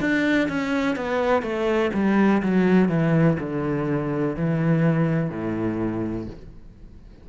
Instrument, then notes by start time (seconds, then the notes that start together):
cello
0.00 D4
0.48 C#4
0.96 B3
1.42 A3
1.94 G3
2.42 F#3
2.89 E3
3.40 D3
4.36 E3
5.30 A2